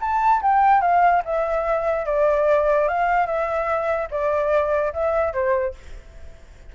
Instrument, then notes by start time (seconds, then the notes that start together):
flute
0.00 A5
0.41 G5
0.81 F5
1.25 E5
2.05 D5
2.88 F5
3.26 E5
4.10 D5
4.93 E5
5.33 C5